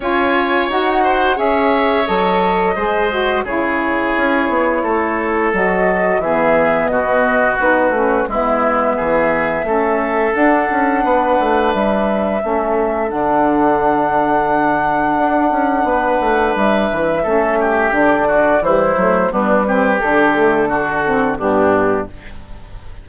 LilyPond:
<<
  \new Staff \with { instrumentName = "flute" } { \time 4/4 \tempo 4 = 87 gis''4 fis''4 e''4 dis''4~ | dis''4 cis''2. | dis''4 e''4 dis''4 b'4 | e''2. fis''4~ |
fis''4 e''2 fis''4~ | fis''1 | e''2 d''4 c''4 | b'4 a'2 g'4 | }
  \new Staff \with { instrumentName = "oboe" } { \time 4/4 cis''4. c''8 cis''2 | c''4 gis'2 a'4~ | a'4 gis'4 fis'2 | e'4 gis'4 a'2 |
b'2 a'2~ | a'2. b'4~ | b'4 a'8 g'4 fis'8 e'4 | d'8 g'4. fis'4 d'4 | }
  \new Staff \with { instrumentName = "saxophone" } { \time 4/4 f'4 fis'4 gis'4 a'4 | gis'8 fis'8 e'2. | fis'4 b2 dis'8 cis'8 | b2 cis'4 d'4~ |
d'2 cis'4 d'4~ | d'1~ | d'4 cis'4 d'4 g8 a8 | b8 c'8 d'8 a8 d'8 c'8 b4 | }
  \new Staff \with { instrumentName = "bassoon" } { \time 4/4 cis'4 dis'4 cis'4 fis4 | gis4 cis4 cis'8 b8 a4 | fis4 e4 b,4 b8 a8 | gis4 e4 a4 d'8 cis'8 |
b8 a8 g4 a4 d4~ | d2 d'8 cis'8 b8 a8 | g8 e8 a4 d4 e8 fis8 | g4 d2 g,4 | }
>>